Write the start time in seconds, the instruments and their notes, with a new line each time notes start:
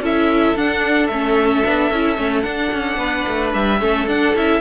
0.00 cello C#4, viola E4, violin A4 E5
0.55 cello D4, viola D4, violin F#5
1.07 cello A3, viola C#4, violin E5
1.64 cello B3, viola D4
1.91 cello C#4, viola E4
2.17 cello A3, viola C#4
2.42 viola D4, cello D4, violin F#5
2.72 cello C#4
2.97 cello B3, violin B4
3.27 cello A3
3.53 cello G3, violin E5
3.80 cello A3, viola C#4, violin A4
4.07 cello D4, viola D4, violin F#5
4.35 cello C#4, viola E4, violin E5